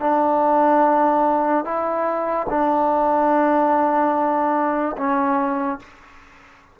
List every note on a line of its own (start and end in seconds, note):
0.00 1.64 D4
1.64 2.46 E4
2.49 4.96 D4
4.97 5.79 C#4